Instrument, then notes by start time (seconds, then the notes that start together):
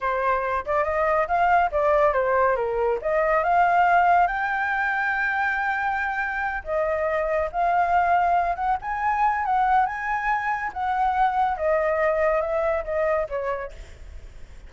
flute
0.01 C5
0.65 D5
0.84 D#5
1.27 F5
1.71 D5
2.13 C5
2.55 A#4
3.01 D#5
3.43 F5
4.27 G5
6.64 D#5
7.51 F5
8.55 F#5
8.81 G#5
9.45 F#5
9.86 G#5
10.73 F#5
11.57 D#5
12.41 E5
12.84 D#5
13.29 C#5